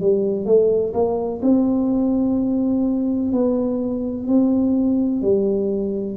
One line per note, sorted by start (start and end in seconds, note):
0.00 0.45 G3
0.45 0.93 A3
0.94 1.41 A#3
1.42 3.32 C4
3.32 4.27 B3
4.27 5.22 C4
5.22 6.16 G3